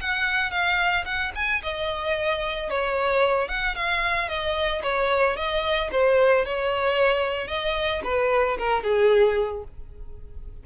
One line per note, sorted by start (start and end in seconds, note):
0.00 0.51 F#5
0.51 1.04 F5
1.05 1.31 F#5
1.35 1.62 G#5
1.62 2.70 D#5
2.70 3.48 C#5
3.48 3.75 F#5
3.75 4.28 F5
4.28 4.81 D#5
4.82 5.36 C#5
5.36 5.90 D#5
5.91 6.45 C5
6.45 7.47 C#5
7.47 8.01 D#5
8.04 8.57 B4
8.57 8.83 A#4
8.83 9.63 G#4